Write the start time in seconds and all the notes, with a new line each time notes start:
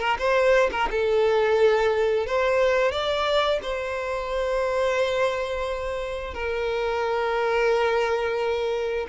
0.00 A#4
0.19 C5
0.72 A#4
0.91 A4
2.27 C5
2.92 D5
3.62 C5
6.34 A#4